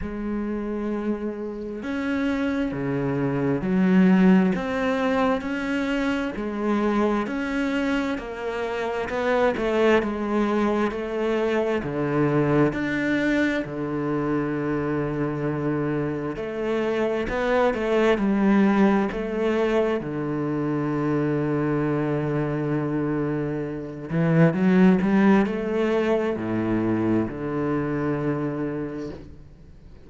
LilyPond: \new Staff \with { instrumentName = "cello" } { \time 4/4 \tempo 4 = 66 gis2 cis'4 cis4 | fis4 c'4 cis'4 gis4 | cis'4 ais4 b8 a8 gis4 | a4 d4 d'4 d4~ |
d2 a4 b8 a8 | g4 a4 d2~ | d2~ d8 e8 fis8 g8 | a4 a,4 d2 | }